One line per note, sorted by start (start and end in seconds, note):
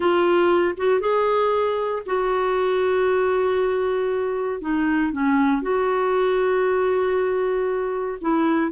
0.00 0.75 F4
0.77 1.00 F#4
1.00 2.03 G#4
2.06 4.61 F#4
4.61 5.12 D#4
5.12 5.62 C#4
5.62 8.18 F#4
8.21 8.71 E4